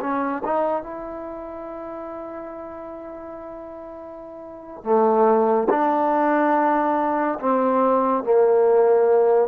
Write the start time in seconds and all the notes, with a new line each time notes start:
0.00 C#4
0.44 D#4
0.83 E4
4.83 A3
5.69 D4
7.39 C4
8.23 A#3